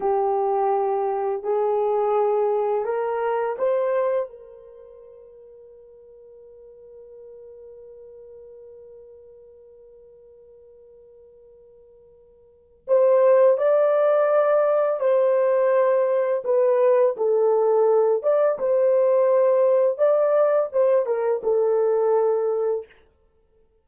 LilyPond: \new Staff \with { instrumentName = "horn" } { \time 4/4 \tempo 4 = 84 g'2 gis'2 | ais'4 c''4 ais'2~ | ais'1~ | ais'1~ |
ais'2 c''4 d''4~ | d''4 c''2 b'4 | a'4. d''8 c''2 | d''4 c''8 ais'8 a'2 | }